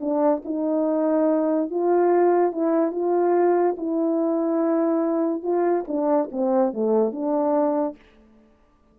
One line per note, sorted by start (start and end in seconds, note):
0.00 0.42 D4
0.44 1.70 D#4
1.70 2.51 F4
2.51 2.91 E4
2.91 3.75 F4
3.77 5.42 E4
5.42 5.84 F4
5.87 6.29 D4
6.31 6.73 C4
6.73 7.11 A3
7.11 7.95 D4